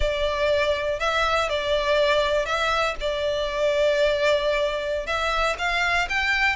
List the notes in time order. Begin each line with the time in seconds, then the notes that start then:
0.00 D5
0.99 E5
1.49 D5
2.45 E5
3.00 D5
5.06 E5
5.58 F5
6.09 G5